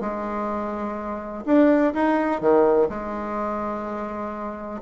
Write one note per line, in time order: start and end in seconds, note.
0.00 1.44 G#3
1.45 1.93 D4
1.94 2.40 D#4
2.40 2.88 D#3
2.89 4.81 G#3